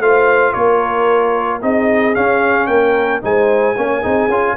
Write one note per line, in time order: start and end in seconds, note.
0.00 0.54 A3
0.00 1.61 F4
0.00 0.53 C5
0.00 0.54 F5
0.53 1.63 A#3
0.53 1.60 A#4
0.53 1.61 C#5
1.61 2.16 C4
1.61 2.15 D#4
1.61 2.70 G#4
1.61 2.15 D#5
2.15 3.22 C#4
2.15 2.68 C#4
2.15 2.67 F5
2.67 3.22 A#3
2.67 3.23 A#4
2.67 3.20 G5
3.22 3.77 G#3
3.22 3.76 D#4
3.22 3.77 C5
3.22 4.57 G#5
3.78 4.05 A#3
3.78 4.03 C#4
3.78 4.02 C#5
4.02 4.28 C4
4.02 4.30 D#4
4.02 4.55 G#4
4.28 4.55 C#4
4.28 4.57 F4